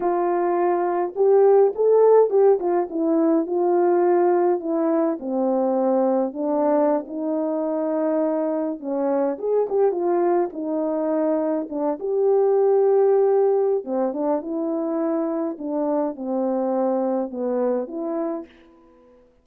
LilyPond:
\new Staff \with { instrumentName = "horn" } { \time 4/4 \tempo 4 = 104 f'2 g'4 a'4 | g'8 f'8 e'4 f'2 | e'4 c'2 d'4~ | d'16 dis'2. cis'8.~ |
cis'16 gis'8 g'8 f'4 dis'4.~ dis'16~ | dis'16 d'8 g'2.~ g'16 | c'8 d'8 e'2 d'4 | c'2 b4 e'4 | }